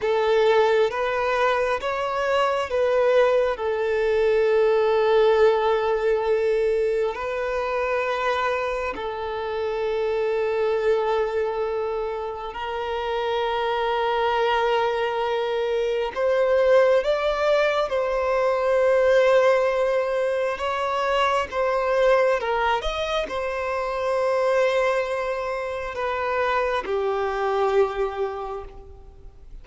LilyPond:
\new Staff \with { instrumentName = "violin" } { \time 4/4 \tempo 4 = 67 a'4 b'4 cis''4 b'4 | a'1 | b'2 a'2~ | a'2 ais'2~ |
ais'2 c''4 d''4 | c''2. cis''4 | c''4 ais'8 dis''8 c''2~ | c''4 b'4 g'2 | }